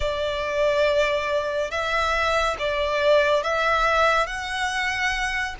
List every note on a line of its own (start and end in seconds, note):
0.00 1.70 D5
1.70 2.56 E5
2.58 3.43 D5
3.43 4.26 E5
4.26 5.55 F#5